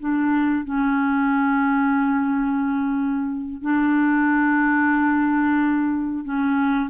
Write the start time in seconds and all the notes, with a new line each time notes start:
0.00 D4
0.65 C#4
3.62 D4
6.25 C#4